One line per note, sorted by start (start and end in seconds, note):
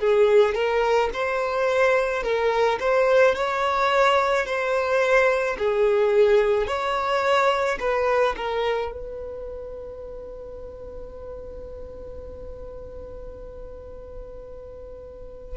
0.00 0.55 G#4
0.55 1.10 A#4
1.14 2.23 C5
2.23 2.79 A#4
2.80 3.35 C5
3.35 4.46 C#5
4.46 5.57 C5
5.59 6.68 G#4
6.68 7.79 C#5
7.80 8.36 B4
8.37 8.92 A#4
8.92 15.58 B4